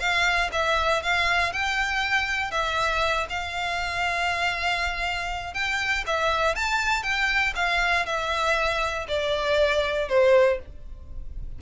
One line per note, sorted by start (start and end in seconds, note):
0.00 0.50 F5
0.52 1.03 E5
1.03 1.53 F5
1.53 2.52 G5
2.52 3.27 E5
3.30 5.54 F5
5.54 6.05 G5
6.07 6.56 E5
6.56 7.03 A5
7.03 7.54 G5
7.56 8.06 F5
8.06 9.07 E5
9.09 10.09 D5
10.09 10.60 C5